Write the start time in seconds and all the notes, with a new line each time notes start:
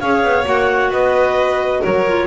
0.00 C#4 G#4 C#5 F5
0.23 B3
0.44 A#3 F#4 F#5
0.90 B3 B4 D#5
1.80 F#3 A#4 C#5
2.07 F4